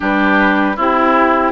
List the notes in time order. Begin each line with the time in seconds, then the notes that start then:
0.00 G3 D4 G4 B4
0.76 C4 E4 G4